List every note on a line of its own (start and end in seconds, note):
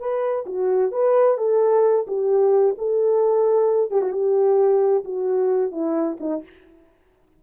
0.00 0.46 B4
0.46 0.92 F#4
0.92 1.38 B4
1.38 2.07 A4
2.07 2.76 G4
2.79 3.91 A4
3.91 4.02 G4
4.02 4.13 F#4
4.13 5.04 G4
5.05 5.72 F#4
5.72 6.18 E4
6.21 6.44 D#4